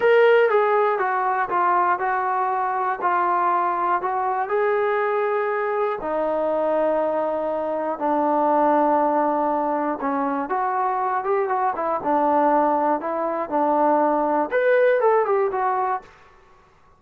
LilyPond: \new Staff \with { instrumentName = "trombone" } { \time 4/4 \tempo 4 = 120 ais'4 gis'4 fis'4 f'4 | fis'2 f'2 | fis'4 gis'2. | dis'1 |
d'1 | cis'4 fis'4. g'8 fis'8 e'8 | d'2 e'4 d'4~ | d'4 b'4 a'8 g'8 fis'4 | }